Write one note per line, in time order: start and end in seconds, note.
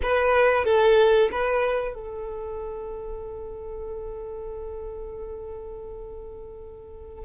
0.02 0.65 B4
0.65 1.29 A4
1.31 1.94 B4
1.94 7.25 A4